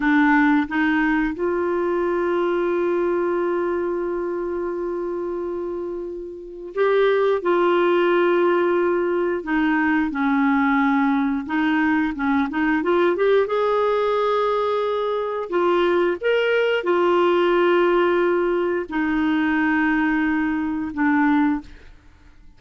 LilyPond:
\new Staff \with { instrumentName = "clarinet" } { \time 4/4 \tempo 4 = 89 d'4 dis'4 f'2~ | f'1~ | f'2 g'4 f'4~ | f'2 dis'4 cis'4~ |
cis'4 dis'4 cis'8 dis'8 f'8 g'8 | gis'2. f'4 | ais'4 f'2. | dis'2. d'4 | }